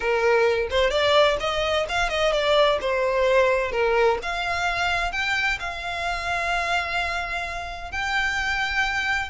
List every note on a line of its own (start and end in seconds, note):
0.00 0.67 A#4
0.70 0.90 C5
0.90 1.37 D5
1.40 1.86 D#5
1.88 2.09 F5
2.09 2.32 D#5
2.32 2.78 D5
2.80 3.71 C5
3.71 4.18 A#4
4.22 5.11 F5
5.11 5.58 G5
5.59 7.91 F5
7.91 9.30 G5